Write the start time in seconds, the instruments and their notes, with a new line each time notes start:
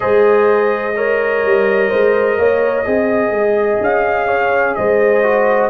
0.00 tuba G#3, trombone G#4, horn C5, trumpet D#5
0.96 trombone A#4, horn C#5
1.44 tuba G3
1.89 tuba G#3, horn C5
2.38 tuba A#3, horn C#5
2.85 tuba C4, trombone G#4, horn D#5
3.31 tuba G#3
3.80 tuba C#4, trumpet F5
4.27 horn C#5
4.74 tuba G#3, horn C5, trumpet D#5
5.23 trombone F#4